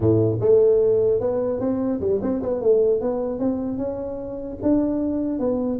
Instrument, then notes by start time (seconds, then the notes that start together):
tuba
0.00 A2
0.40 A3
1.20 B3
1.60 C4
2.00 G3
2.21 C4
2.42 B3
2.61 A3
3.01 B3
3.39 C4
3.77 C#4
4.62 D4
5.39 B3